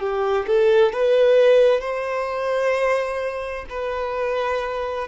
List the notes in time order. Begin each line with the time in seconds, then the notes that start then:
0.00 G4
0.47 A4
0.93 B4
1.81 C5
3.70 B4